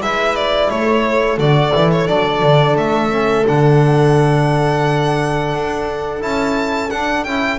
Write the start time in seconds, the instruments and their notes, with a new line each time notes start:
0.00 double bass G#3, trombone E4, viola B4, violin E5
0.35 violin D5
0.69 double bass A3, viola A4, violin C#5
1.37 double bass D3, trombone F#4, violin D5
1.72 double bass E3, trombone E4
1.91 violin C#5
2.06 double bass F#3, trombone D4, violin D5
2.42 double bass D3
2.76 double bass A3, violin E5
3.10 trombone C#4
3.46 double bass D3, trombone D4, violin F#5
5.53 double bass D4
6.20 double bass C#4, trombone E4, violin A5
6.90 double bass D4, trombone D4, violin F#5
7.24 double bass C#4, trombone E4, violin G5